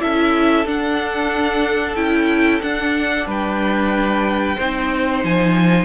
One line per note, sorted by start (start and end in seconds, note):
0.00 0.65 C#4
0.00 0.65 E4
0.00 3.28 A4
0.00 0.67 E5
0.65 1.96 D4
0.65 1.96 F#5
1.96 2.61 C#4
1.96 2.61 E4
1.96 2.61 G5
2.62 4.58 D4
2.62 3.27 D4
2.62 3.27 F#5
3.27 4.57 G3
3.27 4.56 B4
3.27 5.25 G5
4.56 5.24 C4
4.56 5.85 D#4
4.56 5.85 C5
5.24 5.85 F3
5.24 5.85 G#5